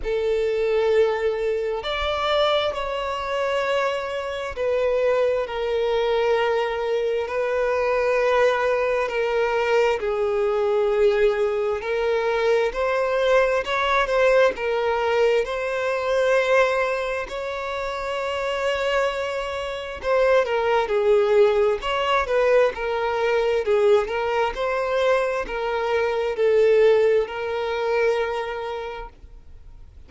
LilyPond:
\new Staff \with { instrumentName = "violin" } { \time 4/4 \tempo 4 = 66 a'2 d''4 cis''4~ | cis''4 b'4 ais'2 | b'2 ais'4 gis'4~ | gis'4 ais'4 c''4 cis''8 c''8 |
ais'4 c''2 cis''4~ | cis''2 c''8 ais'8 gis'4 | cis''8 b'8 ais'4 gis'8 ais'8 c''4 | ais'4 a'4 ais'2 | }